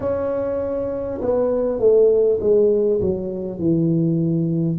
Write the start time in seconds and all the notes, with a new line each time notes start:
0.00 C#4
1.21 B3
1.79 A3
2.40 G#3
3.01 F#3
3.58 E3